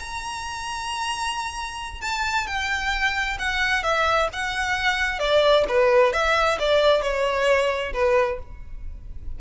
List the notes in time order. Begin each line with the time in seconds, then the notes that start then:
0.00 A#5
2.01 A5
2.47 G5
3.39 F#5
3.83 E5
4.33 F#5
5.20 D5
5.69 B4
6.13 E5
6.60 D5
7.02 C#5
7.94 B4